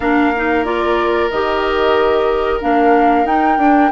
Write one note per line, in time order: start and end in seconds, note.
0.00 1.29 A#3
0.00 0.33 D4
0.00 3.91 A#4
0.00 0.64 F5
0.36 0.64 D#4
0.64 1.29 F4
0.64 1.29 D5
1.30 2.61 D#3
1.30 2.60 G4
1.30 2.60 D#5
2.60 3.24 A#3
2.60 3.25 D4
2.60 3.26 F5
3.24 3.57 D#4
3.24 3.58 D#4
3.24 3.91 G5
3.57 3.90 D4
3.57 3.91 D4